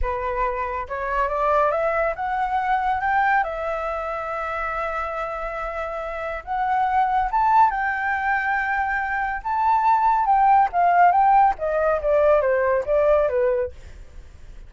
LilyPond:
\new Staff \with { instrumentName = "flute" } { \time 4/4 \tempo 4 = 140 b'2 cis''4 d''4 | e''4 fis''2 g''4 | e''1~ | e''2. fis''4~ |
fis''4 a''4 g''2~ | g''2 a''2 | g''4 f''4 g''4 dis''4 | d''4 c''4 d''4 b'4 | }